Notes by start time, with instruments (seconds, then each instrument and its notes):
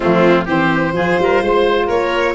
0.00 tuba F3, saxophone A3, oboe C4, violin F4
0.45 tuba E3, saxophone C4, oboe G4, violin C5
0.92 tuba F3, saxophone F4, oboe G#4
1.19 tuba G3, oboe A#4
1.42 tuba G#3, oboe C5
1.86 tuba A#3, oboe A#4, violin C#5